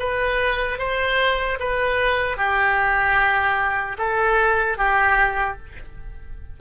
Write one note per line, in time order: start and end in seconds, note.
0.00 0.79 B4
0.79 1.59 C5
1.60 2.37 B4
2.37 3.97 G4
3.98 4.77 A4
4.77 5.57 G4